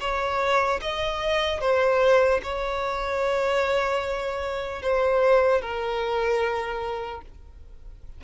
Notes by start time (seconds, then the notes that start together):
0.00 C#5
0.81 D#5
1.60 C5
2.43 C#5
4.82 C5
5.61 A#4